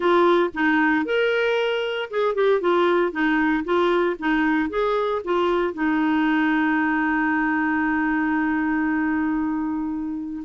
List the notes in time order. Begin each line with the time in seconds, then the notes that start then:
0.00 F4
0.54 D#4
1.05 A#4
2.10 G#4
2.35 G4
2.60 F4
3.11 D#4
3.64 F4
4.19 D#4
4.69 G#4
5.24 F4
5.73 D#4